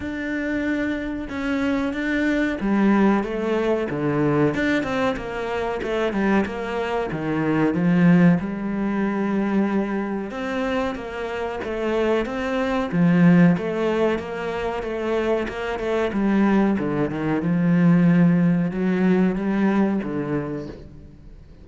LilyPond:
\new Staff \with { instrumentName = "cello" } { \time 4/4 \tempo 4 = 93 d'2 cis'4 d'4 | g4 a4 d4 d'8 c'8 | ais4 a8 g8 ais4 dis4 | f4 g2. |
c'4 ais4 a4 c'4 | f4 a4 ais4 a4 | ais8 a8 g4 d8 dis8 f4~ | f4 fis4 g4 d4 | }